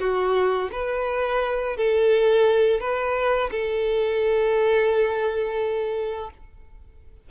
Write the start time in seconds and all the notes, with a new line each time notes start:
0.00 F#4
0.72 B4
1.77 A4
2.80 B4
3.52 A4